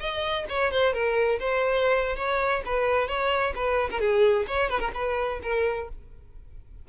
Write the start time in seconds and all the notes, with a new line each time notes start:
0.00 D#5
0.49 C#5
0.72 C5
0.93 A#4
1.39 C5
2.17 C#5
2.66 B4
3.08 C#5
3.56 B4
3.91 A#4
4.00 G#4
4.48 C#5
4.70 B4
4.80 A#4
4.94 B4
5.43 A#4